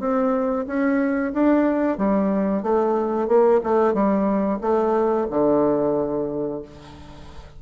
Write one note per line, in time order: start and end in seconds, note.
0.00 0.66 C4
0.67 1.33 C#4
1.33 1.98 D4
1.98 2.63 G3
2.63 3.28 A3
3.28 3.61 A#3
3.64 3.94 A3
3.94 4.60 G3
4.61 5.27 A3
5.30 6.62 D3